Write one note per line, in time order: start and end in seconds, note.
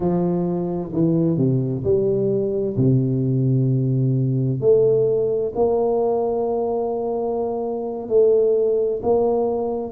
0.00 0.91 F3
0.92 1.37 E3
1.37 1.83 C3
1.84 2.76 G3
2.77 4.60 C3
4.60 5.52 A3
5.55 8.08 A#3
8.08 9.00 A3
9.02 9.92 A#3